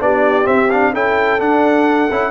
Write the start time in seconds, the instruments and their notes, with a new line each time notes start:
0.00 tuba B3, trombone D4, horn G4, trumpet D5
0.44 trombone C4, tuba C4, trumpet E5
0.71 trombone D4, trumpet F5
0.94 tuba C#4, trombone E4, horn A4, trumpet G5
1.39 trombone D4, tuba D4, trumpet F#5
2.11 tuba C#4, trombone E4